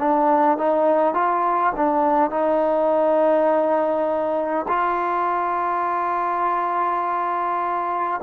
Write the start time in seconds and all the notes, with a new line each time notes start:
0.00 D4
0.58 D#4
1.14 F4
1.77 D4
2.31 D#4
4.68 F4